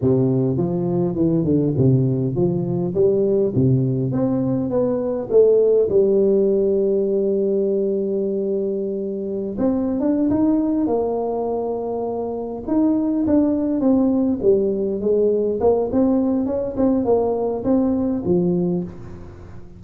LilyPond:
\new Staff \with { instrumentName = "tuba" } { \time 4/4 \tempo 4 = 102 c4 f4 e8 d8 c4 | f4 g4 c4 c'4 | b4 a4 g2~ | g1~ |
g16 c'8. d'8 dis'4 ais4.~ | ais4. dis'4 d'4 c'8~ | c'8 g4 gis4 ais8 c'4 | cis'8 c'8 ais4 c'4 f4 | }